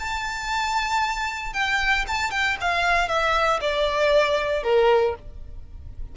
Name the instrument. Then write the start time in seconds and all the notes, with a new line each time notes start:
violin
0.00 A5
1.54 G5
2.08 A5
2.31 G5
2.61 F5
3.09 E5
3.61 D5
4.64 A#4